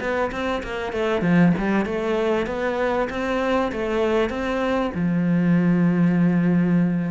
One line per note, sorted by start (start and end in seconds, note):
0.00 0.31 B3
0.31 0.62 C4
0.63 0.93 A#3
0.93 1.22 A3
1.22 1.53 F3
1.58 1.86 G3
1.86 2.47 A3
2.47 3.08 B3
3.10 3.72 C4
3.72 4.30 A3
4.30 4.91 C4
4.95 7.11 F3